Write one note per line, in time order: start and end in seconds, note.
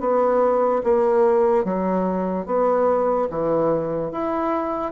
0.00 0.82 B3
0.84 1.64 A#3
1.64 2.46 F#3
2.46 3.28 B3
3.30 4.11 E3
4.11 4.92 E4